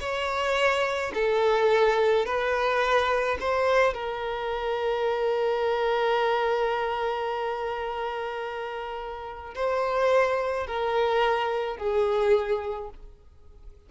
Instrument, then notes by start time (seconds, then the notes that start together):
violin
0.00 C#5
1.14 A4
2.25 B4
3.40 C5
3.94 A#4
9.55 C5
10.66 A#4
11.77 G#4